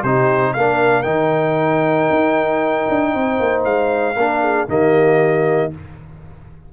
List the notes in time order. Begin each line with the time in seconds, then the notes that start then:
0.00 C3 D#4 G4 C5
0.53 A#3 D4 A#4 F5
1.02 D#3 D#4 G5
2.10 D#4
2.89 D4
3.14 C4 C5
3.40 A#3
3.64 G#3 F5
4.16 A#3 D4 A#4
4.41 G#4
4.68 D#3 A#3 G4 D#5